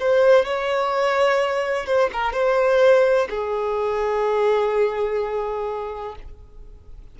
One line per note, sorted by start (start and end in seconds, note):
0.00 0.45 C5
0.45 1.86 C#5
1.86 2.10 C5
2.13 2.33 A#4
2.33 3.28 C5
3.29 6.15 G#4